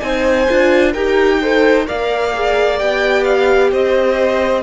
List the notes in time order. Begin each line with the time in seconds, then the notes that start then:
0.00 C4 D#4 C5 G#5
0.49 D4 F4
0.92 D#4 G4 A#4 G5
1.42 A4 C5
1.86 A#3 A#4 D5 F5
2.34 G#4
2.79 B3 G4 G5
3.24 F5
3.71 C4 C5 D#5